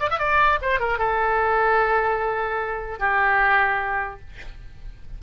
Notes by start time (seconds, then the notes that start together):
0.00 D5
0.10 E5
0.19 D5
0.62 C5
0.80 A#4
0.99 A4
2.99 G4